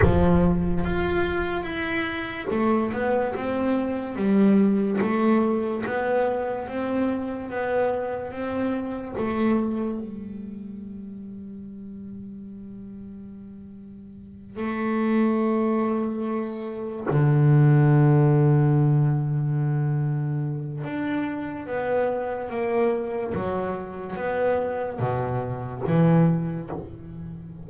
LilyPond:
\new Staff \with { instrumentName = "double bass" } { \time 4/4 \tempo 4 = 72 f4 f'4 e'4 a8 b8 | c'4 g4 a4 b4 | c'4 b4 c'4 a4 | g1~ |
g4. a2~ a8~ | a8 d2.~ d8~ | d4 d'4 b4 ais4 | fis4 b4 b,4 e4 | }